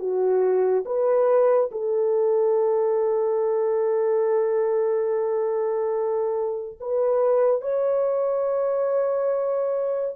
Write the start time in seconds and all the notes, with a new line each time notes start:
0.00 F#4
0.86 B4
1.72 A4
6.81 B4
7.62 C#5